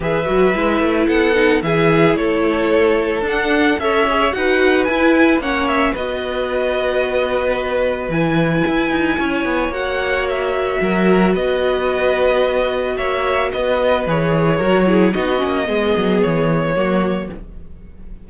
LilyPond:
<<
  \new Staff \with { instrumentName = "violin" } { \time 4/4 \tempo 4 = 111 e''2 fis''4 e''4 | cis''2 fis''4 e''4 | fis''4 gis''4 fis''8 e''8 dis''4~ | dis''2. gis''4~ |
gis''2 fis''4 e''4~ | e''4 dis''2. | e''4 dis''4 cis''2 | dis''2 cis''2 | }
  \new Staff \with { instrumentName = "violin" } { \time 4/4 b'2 a'4 gis'4 | a'2. cis''4 | b'2 cis''4 b'4~ | b'1~ |
b'4 cis''2. | ais'4 b'2. | cis''4 b'2 ais'8 gis'8 | fis'4 gis'2 fis'4 | }
  \new Staff \with { instrumentName = "viola" } { \time 4/4 gis'8 fis'8 e'4. dis'8 e'4~ | e'2 d'4 a'8 gis'8 | fis'4 e'4 cis'4 fis'4~ | fis'2. e'4~ |
e'2 fis'2~ | fis'1~ | fis'2 gis'4 fis'8 e'8 | dis'8 cis'8 b2 ais4 | }
  \new Staff \with { instrumentName = "cello" } { \time 4/4 e8 fis8 gis8 a8 b4 e4 | a2 d'4 cis'4 | dis'4 e'4 ais4 b4~ | b2. e4 |
e'8 dis'8 cis'8 b8 ais2 | fis4 b2. | ais4 b4 e4 fis4 | b8 ais8 gis8 fis8 e4 fis4 | }
>>